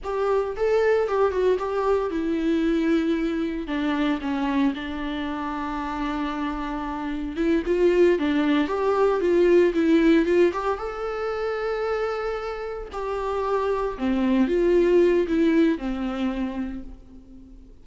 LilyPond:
\new Staff \with { instrumentName = "viola" } { \time 4/4 \tempo 4 = 114 g'4 a'4 g'8 fis'8 g'4 | e'2. d'4 | cis'4 d'2.~ | d'2 e'8 f'4 d'8~ |
d'8 g'4 f'4 e'4 f'8 | g'8 a'2.~ a'8~ | a'8 g'2 c'4 f'8~ | f'4 e'4 c'2 | }